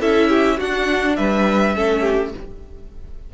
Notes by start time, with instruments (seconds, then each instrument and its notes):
0.00 cello C#4, viola E4, violin A4 E5
0.29 violin G4
0.58 viola D4, cello D4, violin F#4 F#5
1.16 cello G3, violin B4 E5
1.74 cello A3, viola C#4, violin A4
2.00 violin G4